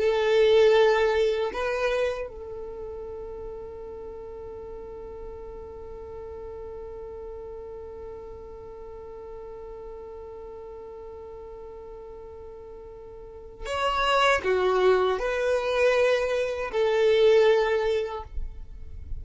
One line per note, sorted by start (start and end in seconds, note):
0.00 1.52 A4
1.53 2.29 B4
2.29 13.66 A4
13.66 14.42 C#5
14.44 15.19 F#4
15.19 16.71 B4
16.72 18.24 A4